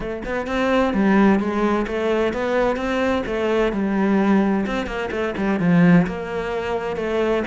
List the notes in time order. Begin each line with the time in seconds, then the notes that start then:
0.00 A3
0.25 B3
0.47 C4
0.93 G3
1.39 G#3
1.87 A3
2.33 B3
2.76 C4
3.26 A3
3.72 G3
4.66 C4
4.86 A#3
5.11 A3
5.37 G3
5.59 F3
6.06 A#3
6.96 A3